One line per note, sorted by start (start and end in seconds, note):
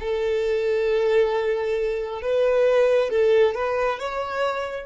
0.00 2.22 A4
2.22 3.11 B4
3.11 3.55 A4
3.55 3.99 B4
3.99 4.86 C#5